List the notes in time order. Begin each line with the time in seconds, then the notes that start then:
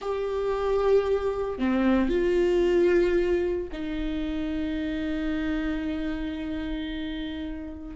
0.01 G4
1.58 C4
2.08 F4
3.72 D#4